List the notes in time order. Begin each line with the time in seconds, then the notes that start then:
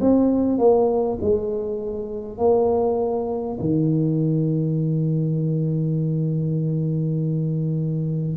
0.00 C4
0.58 A#3
1.21 G#3
2.38 A#3
3.59 D#3